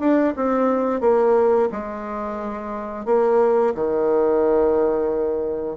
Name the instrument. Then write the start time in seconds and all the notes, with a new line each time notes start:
bassoon
0.00 D4
0.37 C4
1.01 A#3
1.72 G#3
3.06 A#3
3.75 D#3